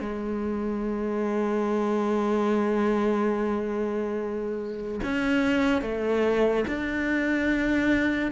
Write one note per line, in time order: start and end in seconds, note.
0.00 5.00 G#3
5.03 5.81 C#4
5.81 6.64 A3
6.67 8.31 D4